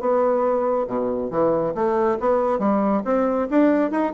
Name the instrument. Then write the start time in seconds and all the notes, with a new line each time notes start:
bassoon
0.00 B3
0.87 B2
1.30 E3
1.75 A3
2.20 B3
2.59 G3
3.05 C4
3.50 D4
3.91 D#4